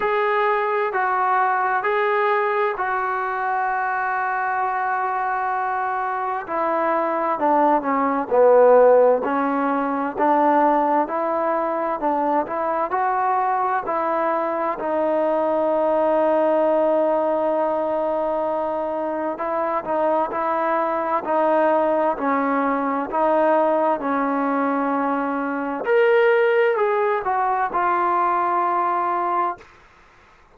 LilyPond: \new Staff \with { instrumentName = "trombone" } { \time 4/4 \tempo 4 = 65 gis'4 fis'4 gis'4 fis'4~ | fis'2. e'4 | d'8 cis'8 b4 cis'4 d'4 | e'4 d'8 e'8 fis'4 e'4 |
dis'1~ | dis'4 e'8 dis'8 e'4 dis'4 | cis'4 dis'4 cis'2 | ais'4 gis'8 fis'8 f'2 | }